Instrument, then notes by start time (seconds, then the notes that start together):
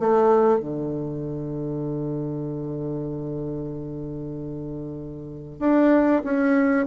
bassoon
0.00 A3
0.60 D3
5.60 D4
6.24 C#4